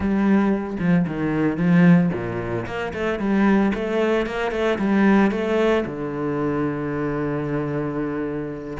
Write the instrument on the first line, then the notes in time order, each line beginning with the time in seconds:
cello
0.00 G3
0.79 F3
1.07 D#3
1.57 F3
2.13 A#2
2.66 A#3
2.93 A3
3.19 G3
3.74 A3
4.26 A#3
4.51 A3
4.78 G3
5.31 A3
5.85 D3